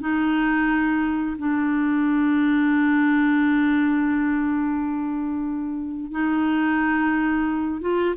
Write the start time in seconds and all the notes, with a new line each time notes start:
0.00 D#4
1.38 D4
6.11 D#4
7.81 F4